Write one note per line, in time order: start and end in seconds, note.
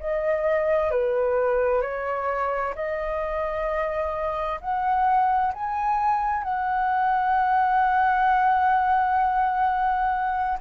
0.00 0.91 D#5
0.91 1.82 B4
1.82 2.74 C#5
2.76 4.60 D#5
4.61 5.53 F#5
5.54 6.43 G#5
6.43 10.59 F#5